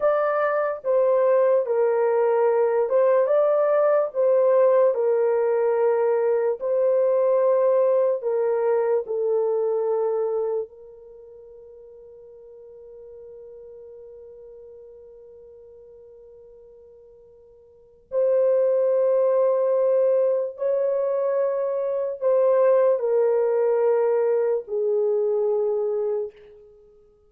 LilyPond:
\new Staff \with { instrumentName = "horn" } { \time 4/4 \tempo 4 = 73 d''4 c''4 ais'4. c''8 | d''4 c''4 ais'2 | c''2 ais'4 a'4~ | a'4 ais'2.~ |
ais'1~ | ais'2 c''2~ | c''4 cis''2 c''4 | ais'2 gis'2 | }